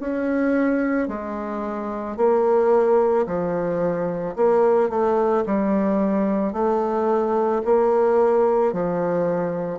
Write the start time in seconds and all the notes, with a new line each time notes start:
0.00 C#4
1.08 G#3
2.17 A#3
3.27 F3
4.36 A#3
4.90 A3
5.46 G3
6.53 A3
7.65 A#3
8.73 F3